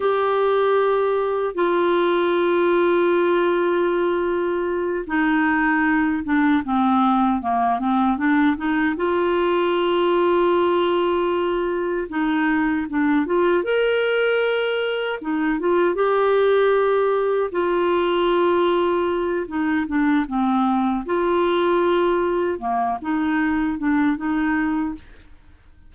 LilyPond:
\new Staff \with { instrumentName = "clarinet" } { \time 4/4 \tempo 4 = 77 g'2 f'2~ | f'2~ f'8 dis'4. | d'8 c'4 ais8 c'8 d'8 dis'8 f'8~ | f'2.~ f'8 dis'8~ |
dis'8 d'8 f'8 ais'2 dis'8 | f'8 g'2 f'4.~ | f'4 dis'8 d'8 c'4 f'4~ | f'4 ais8 dis'4 d'8 dis'4 | }